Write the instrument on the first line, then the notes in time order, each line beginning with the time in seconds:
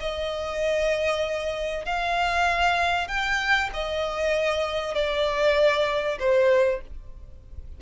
violin
0.00 D#5
1.85 F5
3.08 G5
3.73 D#5
4.94 D5
6.19 C5